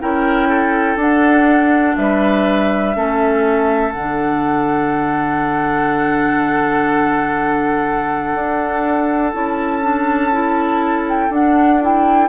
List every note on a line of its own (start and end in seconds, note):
0.00 0.97 C#4
0.00 0.98 E4
0.00 0.49 A#4
0.00 1.00 G5
0.49 1.97 A4
0.97 1.95 D4
0.97 2.95 D4
0.97 1.97 F#5
1.97 2.96 G3
1.97 2.97 B4
1.97 3.92 E5
2.95 3.94 A3
2.95 3.93 C#4
2.95 12.29 A4
3.92 8.35 D3
3.92 9.33 F#5
3.99 9.34 D4
8.35 9.34 D4
9.34 11.30 C#4
9.34 9.82 E4
9.34 11.07 A5
9.82 10.31 D4
10.32 11.31 E4
11.09 11.34 G5
11.30 12.29 D4
11.30 11.80 D4
11.30 11.83 F#5
11.81 12.29 E4
11.81 12.29 G5